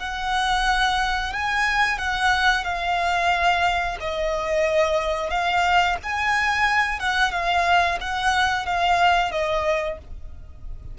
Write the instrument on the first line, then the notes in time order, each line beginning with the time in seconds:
violin
0.00 F#5
1.34 G#5
1.98 F#5
2.65 F5
4.01 D#5
5.31 F5
6.03 G#5
7.00 F#5
7.32 F5
8.01 F#5
8.66 F5
9.32 D#5